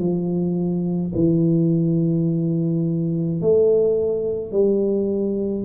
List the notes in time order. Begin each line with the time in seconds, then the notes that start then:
0.00 F3
1.15 E3
3.42 A3
4.52 G3